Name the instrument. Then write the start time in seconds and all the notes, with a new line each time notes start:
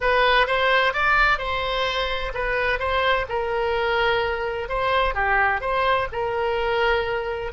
oboe
0.00 B4
0.47 C5
0.93 D5
1.38 C5
2.34 B4
2.79 C5
3.29 A#4
4.68 C5
5.14 G4
5.60 C5
6.12 A#4